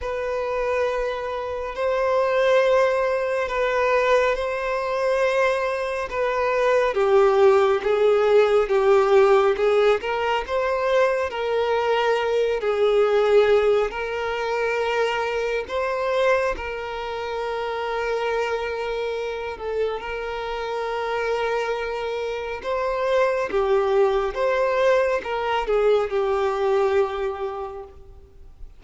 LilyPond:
\new Staff \with { instrumentName = "violin" } { \time 4/4 \tempo 4 = 69 b'2 c''2 | b'4 c''2 b'4 | g'4 gis'4 g'4 gis'8 ais'8 | c''4 ais'4. gis'4. |
ais'2 c''4 ais'4~ | ais'2~ ais'8 a'8 ais'4~ | ais'2 c''4 g'4 | c''4 ais'8 gis'8 g'2 | }